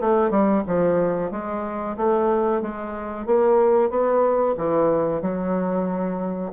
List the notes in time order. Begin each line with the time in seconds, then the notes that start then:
0.00 A3
0.30 G3
0.67 F3
1.31 G#3
1.97 A3
2.61 G#3
3.26 A#3
3.90 B3
4.57 E3
5.21 F#3